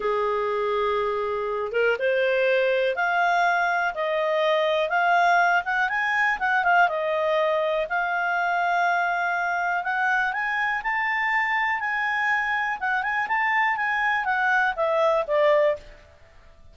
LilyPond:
\new Staff \with { instrumentName = "clarinet" } { \time 4/4 \tempo 4 = 122 gis'2.~ gis'8 ais'8 | c''2 f''2 | dis''2 f''4. fis''8 | gis''4 fis''8 f''8 dis''2 |
f''1 | fis''4 gis''4 a''2 | gis''2 fis''8 gis''8 a''4 | gis''4 fis''4 e''4 d''4 | }